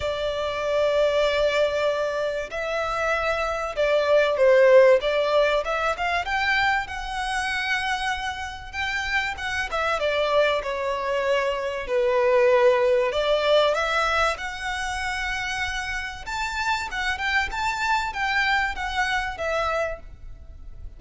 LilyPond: \new Staff \with { instrumentName = "violin" } { \time 4/4 \tempo 4 = 96 d''1 | e''2 d''4 c''4 | d''4 e''8 f''8 g''4 fis''4~ | fis''2 g''4 fis''8 e''8 |
d''4 cis''2 b'4~ | b'4 d''4 e''4 fis''4~ | fis''2 a''4 fis''8 g''8 | a''4 g''4 fis''4 e''4 | }